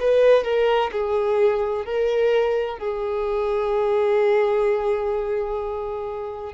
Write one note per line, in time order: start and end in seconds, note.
0.00 0.44 B4
0.44 0.91 A#4
0.92 1.85 G#4
1.85 2.79 A#4
2.79 6.54 G#4